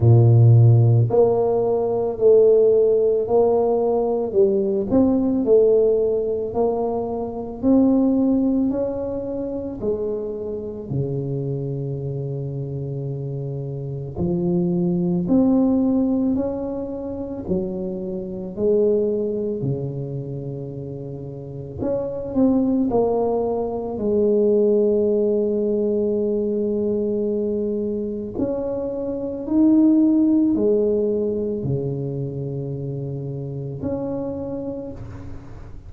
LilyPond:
\new Staff \with { instrumentName = "tuba" } { \time 4/4 \tempo 4 = 55 ais,4 ais4 a4 ais4 | g8 c'8 a4 ais4 c'4 | cis'4 gis4 cis2~ | cis4 f4 c'4 cis'4 |
fis4 gis4 cis2 | cis'8 c'8 ais4 gis2~ | gis2 cis'4 dis'4 | gis4 cis2 cis'4 | }